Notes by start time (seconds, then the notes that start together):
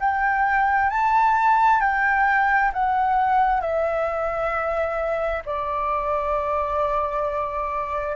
0.00 G5
0.90 A5
1.81 G5
2.73 F#5
3.61 E5
5.45 D5